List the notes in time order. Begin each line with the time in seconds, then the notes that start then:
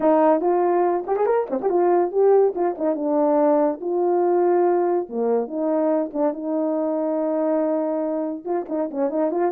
0.00 D#4
0.41 F4
1.06 G4
1.16 G#4
1.26 A#4
1.50 C4
1.61 G4
1.69 F4
2.11 G4
2.55 F4
2.78 D#4
2.95 D4
3.80 F4
5.09 A#3
5.47 D#4
6.13 D4
6.33 D#4
8.44 F4
8.69 D#4
8.90 C#4
9.10 D#4
9.31 F4